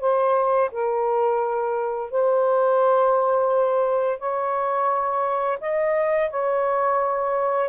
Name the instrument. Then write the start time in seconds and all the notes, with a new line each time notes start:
saxophone
0.00 C5
0.71 A#4
2.11 C5
4.19 C#5
5.60 D#5
6.30 C#5